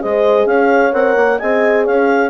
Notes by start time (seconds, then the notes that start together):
0.00 G#3 G#4 C5 D#5
0.46 C#4 C#5 F5
0.91 C4 A#4 F#5
1.15 A#3
1.39 C4 G#4 D#5 G#5
1.84 C#4 C#5 F5